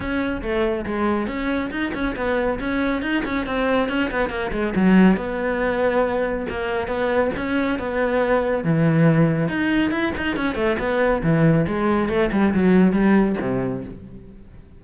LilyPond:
\new Staff \with { instrumentName = "cello" } { \time 4/4 \tempo 4 = 139 cis'4 a4 gis4 cis'4 | dis'8 cis'8 b4 cis'4 dis'8 cis'8 | c'4 cis'8 b8 ais8 gis8 fis4 | b2. ais4 |
b4 cis'4 b2 | e2 dis'4 e'8 dis'8 | cis'8 a8 b4 e4 gis4 | a8 g8 fis4 g4 c4 | }